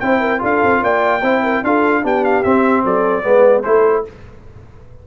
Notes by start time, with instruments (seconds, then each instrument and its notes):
0.00 tuba C4, trombone E4, horn C5, trumpet G5
0.21 horn A#4
0.39 tuba D4, trombone F4, horn A4, trumpet F5
0.63 tuba C4
0.82 tuba A#3, horn D5, trumpet G5
1.22 tuba C4, trombone E4, horn C5
1.43 horn A#4
1.64 tuba D4, trombone F4, horn A4, trumpet F5
2.03 tuba B3, trombone D4, horn G4, trumpet G5
2.25 trumpet F5
2.43 trombone C4, tuba C4, trumpet E5
2.84 tuba F#3, horn A4, trumpet D5
3.23 tuba G#3, trombone B3, horn B4
3.63 tuba A3, trombone E4, horn A4, trumpet C5